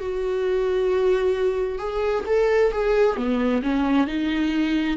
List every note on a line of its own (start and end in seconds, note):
0.00 1.79 F#4
1.79 2.24 G#4
2.26 2.72 A4
2.72 3.17 G#4
3.17 3.62 B3
3.63 4.07 C#4
4.07 4.97 D#4